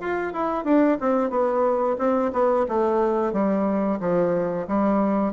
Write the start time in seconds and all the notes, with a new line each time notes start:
0.00 F4
0.33 E4
0.64 D4
1.00 C4
1.30 B3
1.98 C4
2.32 B3
2.68 A3
3.32 G3
4.00 F3
4.67 G3